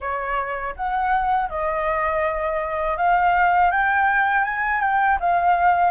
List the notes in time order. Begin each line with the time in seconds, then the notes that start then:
0.00 C#5
0.75 F#5
1.49 D#5
2.97 F5
3.71 G5
4.43 G#5
4.80 G5
5.20 F5